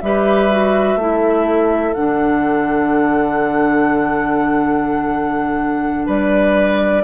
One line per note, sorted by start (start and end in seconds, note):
0.00 0.95 G3
0.00 0.50 G4
0.00 1.00 B4
0.00 1.94 E5
0.50 0.99 F#4
0.95 1.92 A3
0.95 1.94 E4
0.95 6.06 A4
1.94 6.07 D3
1.94 7.02 D4
1.94 6.05 F#5
6.06 7.04 G3
6.06 7.03 B4
6.06 7.04 D5